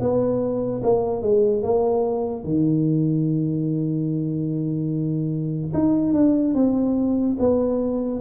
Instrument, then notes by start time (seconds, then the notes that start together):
tuba
0.00 B3
0.83 A#3
1.22 G#3
1.63 A#3
2.44 D#3
5.74 D#4
6.13 D4
6.55 C4
7.39 B3